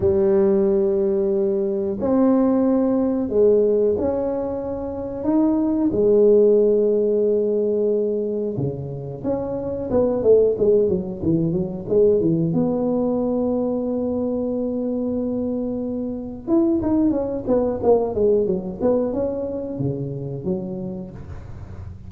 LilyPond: \new Staff \with { instrumentName = "tuba" } { \time 4/4 \tempo 4 = 91 g2. c'4~ | c'4 gis4 cis'2 | dis'4 gis2.~ | gis4 cis4 cis'4 b8 a8 |
gis8 fis8 e8 fis8 gis8 e8 b4~ | b1~ | b4 e'8 dis'8 cis'8 b8 ais8 gis8 | fis8 b8 cis'4 cis4 fis4 | }